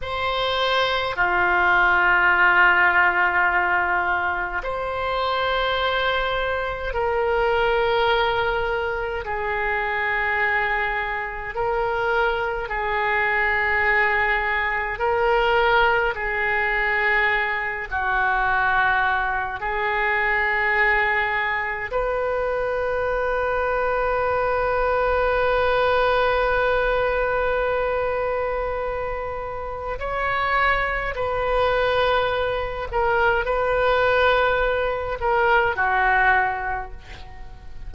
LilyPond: \new Staff \with { instrumentName = "oboe" } { \time 4/4 \tempo 4 = 52 c''4 f'2. | c''2 ais'2 | gis'2 ais'4 gis'4~ | gis'4 ais'4 gis'4. fis'8~ |
fis'4 gis'2 b'4~ | b'1~ | b'2 cis''4 b'4~ | b'8 ais'8 b'4. ais'8 fis'4 | }